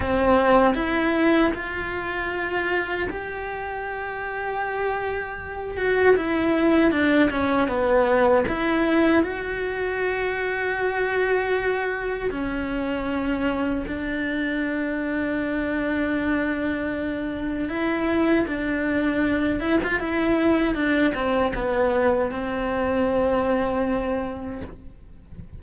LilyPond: \new Staff \with { instrumentName = "cello" } { \time 4/4 \tempo 4 = 78 c'4 e'4 f'2 | g'2.~ g'8 fis'8 | e'4 d'8 cis'8 b4 e'4 | fis'1 |
cis'2 d'2~ | d'2. e'4 | d'4. e'16 f'16 e'4 d'8 c'8 | b4 c'2. | }